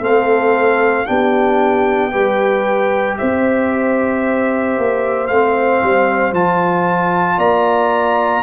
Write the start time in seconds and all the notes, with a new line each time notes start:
0.00 A3 C4 A4 F5
1.06 B3 D4 G4 G5
2.12 G3 G4 B4
3.18 C4 C5 E5
4.78 A#3
5.27 A3 C4 F5
5.82 G3
6.32 F3 F4 A5
7.37 A#3 D5 A#5